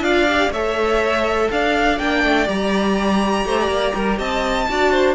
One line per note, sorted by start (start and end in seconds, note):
0.00 0.49 D4
0.00 0.27 F4
0.00 0.51 D5
0.00 0.51 F5
0.28 0.52 G4
0.50 1.48 A3
0.50 1.99 A4
0.50 1.49 C#5
0.50 1.50 E5
1.51 1.99 D4
1.51 3.47 D5
1.51 1.98 F5
1.98 2.23 A#3
1.98 2.46 D4
1.98 2.47 G5
2.23 2.48 A3
2.46 3.45 G3
2.46 4.65 G4
2.46 4.19 A#5
3.45 3.68 A3
3.45 3.59 C5
3.60 3.95 D5
3.68 3.92 A#3
3.94 4.19 G3
3.94 4.18 A#4
4.18 4.67 C4
4.18 4.67 D#5
4.18 5.15 A5
4.69 5.15 D4
4.69 5.15 F#4
4.69 4.91 D5
4.91 5.15 C5